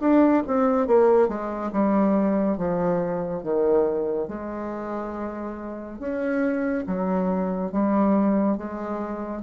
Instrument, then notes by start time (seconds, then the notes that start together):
bassoon
0.00 D4
0.47 C4
0.87 A#3
1.28 G#3
1.72 G3
2.58 F3
3.43 D#3
4.28 G#3
5.99 C#4
6.86 F#3
7.72 G3
8.58 G#3